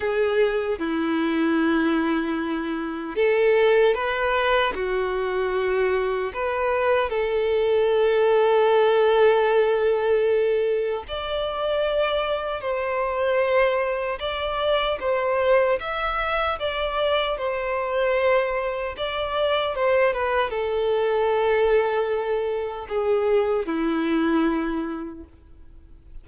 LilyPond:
\new Staff \with { instrumentName = "violin" } { \time 4/4 \tempo 4 = 76 gis'4 e'2. | a'4 b'4 fis'2 | b'4 a'2.~ | a'2 d''2 |
c''2 d''4 c''4 | e''4 d''4 c''2 | d''4 c''8 b'8 a'2~ | a'4 gis'4 e'2 | }